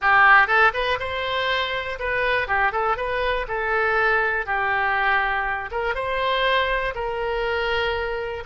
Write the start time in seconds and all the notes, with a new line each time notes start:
0.01 G4
0.47 A4
0.73 B4
0.99 C5
1.99 B4
2.47 G4
2.72 A4
2.96 B4
3.48 A4
4.46 G4
5.71 A#4
5.95 C5
6.94 A#4